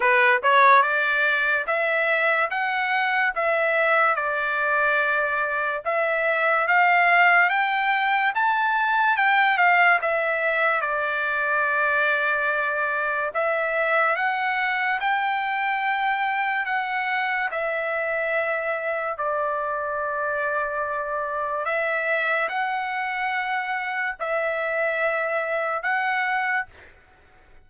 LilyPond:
\new Staff \with { instrumentName = "trumpet" } { \time 4/4 \tempo 4 = 72 b'8 cis''8 d''4 e''4 fis''4 | e''4 d''2 e''4 | f''4 g''4 a''4 g''8 f''8 | e''4 d''2. |
e''4 fis''4 g''2 | fis''4 e''2 d''4~ | d''2 e''4 fis''4~ | fis''4 e''2 fis''4 | }